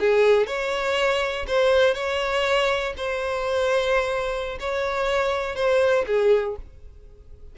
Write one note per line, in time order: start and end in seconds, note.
0.00 0.47 G#4
0.47 1.46 C#5
1.48 1.95 C5
1.95 2.94 C#5
2.97 4.58 C5
4.60 5.56 C#5
5.56 6.05 C5
6.07 6.56 G#4